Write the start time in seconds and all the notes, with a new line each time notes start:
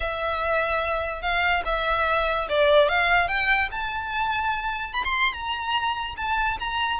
0.00 E5
1.21 F5
1.65 E5
2.49 D5
2.89 F5
3.28 G5
3.71 A5
4.93 B5
5.04 C6
5.33 A#5
6.16 A5
6.59 A#5